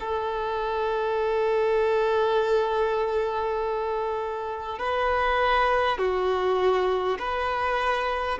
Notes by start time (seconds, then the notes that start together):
0.00 A4
4.79 B4
5.98 F#4
7.18 B4